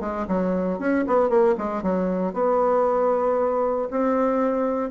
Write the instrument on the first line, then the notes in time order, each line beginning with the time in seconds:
bassoon
0.00 G#3
0.28 F#3
0.79 C#4
1.07 B3
1.29 A#3
1.57 G#3
1.82 F#3
2.33 B3
3.90 C4